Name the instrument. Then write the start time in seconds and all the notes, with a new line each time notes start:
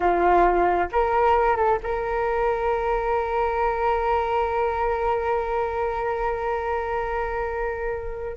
flute
0.00 F4
0.91 A#4
1.56 A4
1.83 A#4